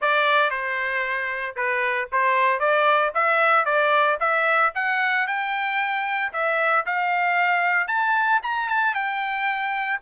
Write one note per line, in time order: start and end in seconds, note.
0.01 0.50 D5
0.50 1.55 C5
1.56 2.08 B4
2.12 2.59 C5
2.59 3.12 D5
3.14 3.65 E5
3.65 4.17 D5
4.20 4.72 E5
4.75 5.27 F#5
5.27 6.32 G5
6.32 6.85 E5
6.85 7.87 F5
7.87 8.40 A5
8.42 8.68 A#5
8.68 8.94 A5
8.94 9.99 G5